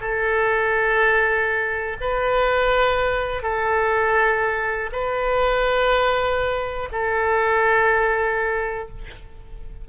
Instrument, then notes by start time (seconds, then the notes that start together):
oboe
0.00 A4
2.00 B4
3.42 A4
4.92 B4
6.92 A4